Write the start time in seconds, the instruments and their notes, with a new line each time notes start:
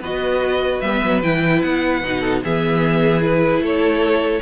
0.00 cello B3, viola F#4, violin B4 D#5
0.81 cello G3, viola B3, violin E5
1.04 cello F#3
1.23 cello E3, viola E4, violin G5
1.62 cello B3, violin F#5
2.03 cello B2, viola D#4
2.20 violin A4
2.44 cello E3, viola B3, violin G#4 E5
3.22 viola E4, violin B4
3.60 cello A3, violin A4 C#5